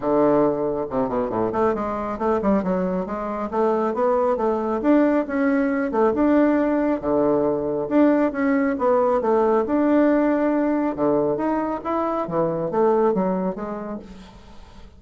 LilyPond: \new Staff \with { instrumentName = "bassoon" } { \time 4/4 \tempo 4 = 137 d2 c8 b,8 a,8 a8 | gis4 a8 g8 fis4 gis4 | a4 b4 a4 d'4 | cis'4. a8 d'2 |
d2 d'4 cis'4 | b4 a4 d'2~ | d'4 d4 dis'4 e'4 | e4 a4 fis4 gis4 | }